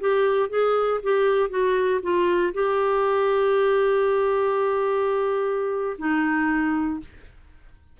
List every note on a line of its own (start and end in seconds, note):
0.00 0.49 G4
0.49 1.00 G#4
1.03 1.50 G4
1.50 2.00 F#4
2.02 2.53 F4
2.54 5.97 G4
5.98 7.00 D#4